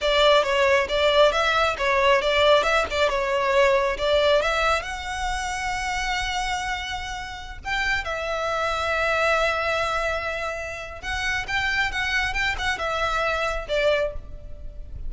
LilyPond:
\new Staff \with { instrumentName = "violin" } { \time 4/4 \tempo 4 = 136 d''4 cis''4 d''4 e''4 | cis''4 d''4 e''8 d''8 cis''4~ | cis''4 d''4 e''4 fis''4~ | fis''1~ |
fis''4~ fis''16 g''4 e''4.~ e''16~ | e''1~ | e''4 fis''4 g''4 fis''4 | g''8 fis''8 e''2 d''4 | }